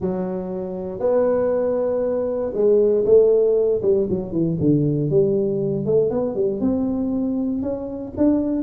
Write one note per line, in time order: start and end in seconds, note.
0.00 0.99 F#3
0.99 2.52 B3
2.54 3.05 G#3
3.05 3.81 A3
3.81 4.07 G3
4.09 4.32 F#3
4.32 4.57 E3
4.60 5.10 D3
5.10 5.85 G3
5.85 6.10 A3
6.10 6.35 B3
6.35 6.60 G3
6.60 7.62 C4
7.62 8.12 C#4
8.17 8.62 D4